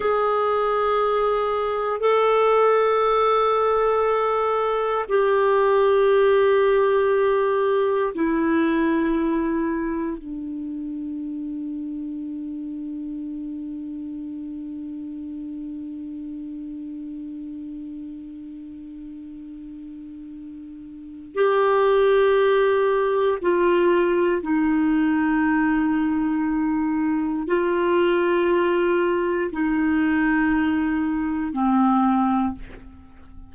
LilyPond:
\new Staff \with { instrumentName = "clarinet" } { \time 4/4 \tempo 4 = 59 gis'2 a'2~ | a'4 g'2. | e'2 d'2~ | d'1~ |
d'1~ | d'4 g'2 f'4 | dis'2. f'4~ | f'4 dis'2 c'4 | }